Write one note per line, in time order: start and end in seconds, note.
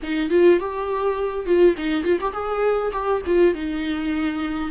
0.02 0.30 D#4
0.30 0.59 F4
0.59 1.46 G4
1.46 1.75 F4
1.77 2.04 D#4
2.04 2.18 F4
2.21 2.32 G4
2.32 2.91 G#4
2.92 3.21 G4
3.26 3.54 F4
3.54 4.71 D#4